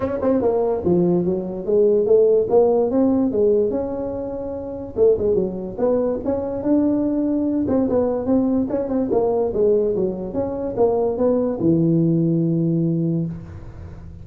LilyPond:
\new Staff \with { instrumentName = "tuba" } { \time 4/4 \tempo 4 = 145 cis'8 c'8 ais4 f4 fis4 | gis4 a4 ais4 c'4 | gis4 cis'2. | a8 gis8 fis4 b4 cis'4 |
d'2~ d'8 c'8 b4 | c'4 cis'8 c'8 ais4 gis4 | fis4 cis'4 ais4 b4 | e1 | }